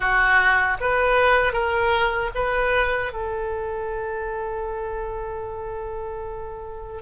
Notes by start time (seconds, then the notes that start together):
0.00 F#4
0.80 B4
1.52 A#4
2.34 B4
3.12 A4